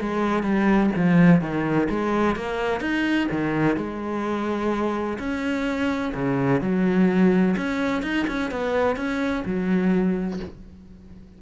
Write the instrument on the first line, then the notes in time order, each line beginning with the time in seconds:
cello
0.00 G#3
0.43 G3
0.95 F3
1.41 D#3
1.89 G#3
2.36 A#3
2.80 D#4
3.31 D#3
3.76 G#3
5.18 C#4
6.14 C#3
6.61 F#3
7.57 C#4
8.03 D#4
8.27 C#4
8.51 B3
8.96 C#4
9.45 F#3